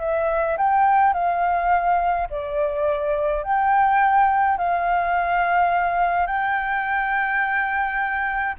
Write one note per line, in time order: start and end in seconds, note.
0.00 0.57 E5
0.58 1.14 G5
1.14 2.28 F5
2.30 3.43 D5
3.43 4.58 G5
4.58 6.26 F5
6.26 8.55 G5